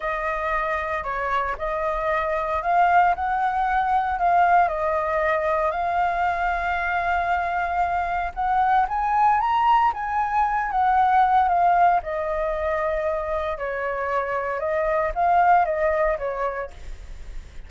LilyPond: \new Staff \with { instrumentName = "flute" } { \time 4/4 \tempo 4 = 115 dis''2 cis''4 dis''4~ | dis''4 f''4 fis''2 | f''4 dis''2 f''4~ | f''1 |
fis''4 gis''4 ais''4 gis''4~ | gis''8 fis''4. f''4 dis''4~ | dis''2 cis''2 | dis''4 f''4 dis''4 cis''4 | }